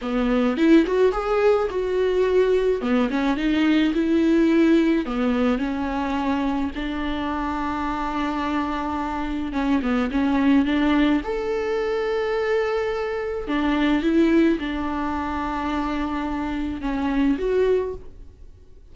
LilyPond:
\new Staff \with { instrumentName = "viola" } { \time 4/4 \tempo 4 = 107 b4 e'8 fis'8 gis'4 fis'4~ | fis'4 b8 cis'8 dis'4 e'4~ | e'4 b4 cis'2 | d'1~ |
d'4 cis'8 b8 cis'4 d'4 | a'1 | d'4 e'4 d'2~ | d'2 cis'4 fis'4 | }